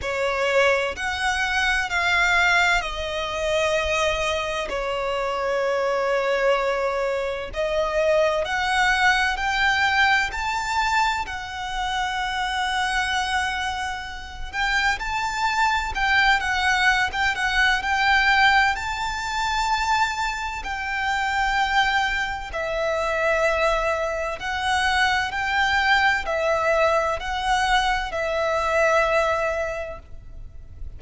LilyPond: \new Staff \with { instrumentName = "violin" } { \time 4/4 \tempo 4 = 64 cis''4 fis''4 f''4 dis''4~ | dis''4 cis''2. | dis''4 fis''4 g''4 a''4 | fis''2.~ fis''8 g''8 |
a''4 g''8 fis''8. g''16 fis''8 g''4 | a''2 g''2 | e''2 fis''4 g''4 | e''4 fis''4 e''2 | }